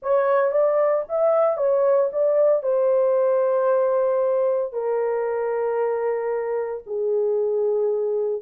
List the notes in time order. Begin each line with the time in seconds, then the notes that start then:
0.02 C#5
0.51 D5
1.08 E5
1.57 C#5
2.12 D5
2.62 C5
4.72 A#4
6.86 G#4